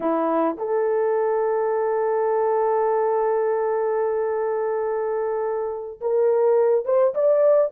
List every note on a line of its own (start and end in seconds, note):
0.00 0.57 E4
0.57 6.00 A4
6.00 6.85 A#4
6.85 7.14 C5
7.14 7.71 D5